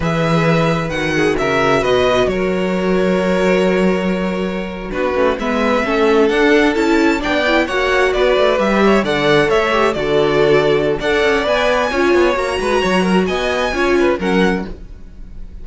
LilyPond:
<<
  \new Staff \with { instrumentName = "violin" } { \time 4/4 \tempo 4 = 131 e''2 fis''4 e''4 | dis''4 cis''2.~ | cis''2~ cis''8. b'4 e''16~ | e''4.~ e''16 fis''4 a''4 g''16~ |
g''8. fis''4 d''4 e''4 fis''16~ | fis''8. e''4 d''2~ d''16 | fis''4 gis''2 ais''4~ | ais''4 gis''2 fis''4 | }
  \new Staff \with { instrumentName = "violin" } { \time 4/4 b'2~ b'8 gis'8 ais'4 | b'4 ais'2.~ | ais'2~ ais'8. fis'4 b'16~ | b'8. a'2. d''16~ |
d''8. cis''4 b'4. cis''8 d''16~ | d''8. cis''4 a'2~ a'16 | d''2 cis''4. b'8 | cis''8 ais'8 dis''4 cis''8 b'8 ais'4 | }
  \new Staff \with { instrumentName = "viola" } { \time 4/4 gis'2 fis'2~ | fis'1~ | fis'2~ fis'8. d'8 cis'8 b16~ | b8. cis'4 d'4 e'4 d'16~ |
d'16 e'8 fis'2 g'4 a'16~ | a'4~ a'16 g'8 fis'2~ fis'16 | a'4 b'4 f'4 fis'4~ | fis'2 f'4 cis'4 | }
  \new Staff \with { instrumentName = "cello" } { \time 4/4 e2 dis4 cis4 | b,4 fis2.~ | fis2~ fis8. b8 a8 gis16~ | gis8. a4 d'4 cis'4 b16~ |
b8. ais4 b8 a8 g4 d16~ | d8. a4 d2~ d16 | d'8 cis'8 b4 cis'8 b8 ais8 gis8 | fis4 b4 cis'4 fis4 | }
>>